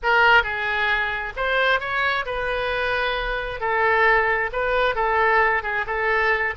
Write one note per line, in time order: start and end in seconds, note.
0.02 0.43 A#4
0.43 1.33 G#4
1.36 1.80 C5
1.80 2.25 C#5
2.25 3.60 B4
3.60 4.50 A4
4.52 4.95 B4
4.95 5.62 A4
5.62 5.85 G#4
5.86 6.54 A4